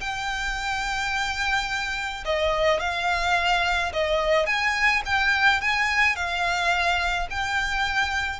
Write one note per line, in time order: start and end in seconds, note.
0.00 2.24 G5
2.25 2.80 D#5
2.80 3.92 F5
3.93 4.46 D#5
4.46 5.02 G#5
5.05 5.61 G5
5.61 6.16 G#5
6.16 7.28 F5
7.30 8.40 G5